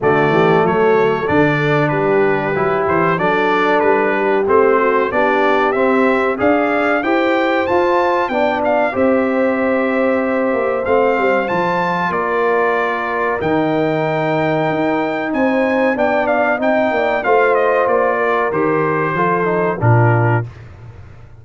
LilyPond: <<
  \new Staff \with { instrumentName = "trumpet" } { \time 4/4 \tempo 4 = 94 d''4 cis''4 d''4 b'4~ | b'8 c''8 d''4 b'4 c''4 | d''4 e''4 f''4 g''4 | a''4 g''8 f''8 e''2~ |
e''4 f''4 a''4 d''4~ | d''4 g''2. | gis''4 g''8 f''8 g''4 f''8 dis''8 | d''4 c''2 ais'4 | }
  \new Staff \with { instrumentName = "horn" } { \time 4/4 fis'8 g'8 a'2 g'4~ | g'4 a'4. g'4 fis'8 | g'2 d''4 c''4~ | c''4 d''4 c''2~ |
c''2. ais'4~ | ais'1 | c''4 d''4 dis''8 d''8 c''4~ | c''8 ais'4. a'4 f'4 | }
  \new Staff \with { instrumentName = "trombone" } { \time 4/4 a2 d'2 | e'4 d'2 c'4 | d'4 c'4 gis'4 g'4 | f'4 d'4 g'2~ |
g'4 c'4 f'2~ | f'4 dis'2.~ | dis'4 d'4 dis'4 f'4~ | f'4 g'4 f'8 dis'8 d'4 | }
  \new Staff \with { instrumentName = "tuba" } { \time 4/4 d8 e8 fis4 d4 g4 | fis8 e8 fis4 g4 a4 | b4 c'4 d'4 e'4 | f'4 b4 c'2~ |
c'8 ais8 a8 g8 f4 ais4~ | ais4 dis2 dis'4 | c'4 b4 c'8 ais8 a4 | ais4 dis4 f4 ais,4 | }
>>